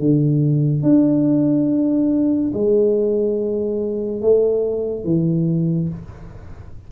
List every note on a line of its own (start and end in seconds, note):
0.00 0.83 D3
0.83 2.52 D4
2.54 4.22 G#3
4.22 5.05 A3
5.05 5.89 E3